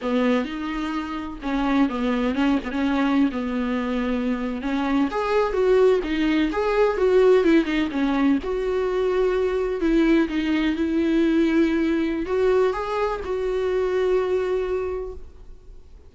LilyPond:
\new Staff \with { instrumentName = "viola" } { \time 4/4 \tempo 4 = 127 b4 dis'2 cis'4 | b4 cis'8 b16 cis'4~ cis'16 b4~ | b4.~ b16 cis'4 gis'4 fis'16~ | fis'8. dis'4 gis'4 fis'4 e'16~ |
e'16 dis'8 cis'4 fis'2~ fis'16~ | fis'8. e'4 dis'4 e'4~ e'16~ | e'2 fis'4 gis'4 | fis'1 | }